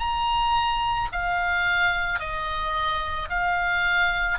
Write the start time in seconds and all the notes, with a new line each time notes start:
0.00 A#5
1.13 F5
2.20 D#5
3.30 F5